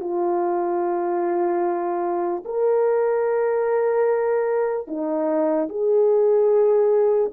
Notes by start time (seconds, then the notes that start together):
0.00 F4
2.45 A#4
4.87 D#4
5.69 G#4